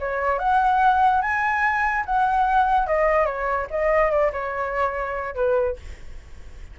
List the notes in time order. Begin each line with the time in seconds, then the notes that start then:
0.00 C#5
0.39 F#5
1.22 G#5
2.06 F#5
2.87 D#5
3.26 C#5
3.71 D#5
4.11 D5
4.33 C#5
5.35 B4